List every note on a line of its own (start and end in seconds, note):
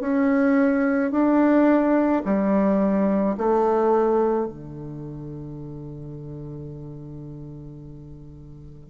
0.00 1.11 C#4
1.11 2.22 D4
2.25 3.36 G3
3.37 4.46 A3
4.46 8.90 D3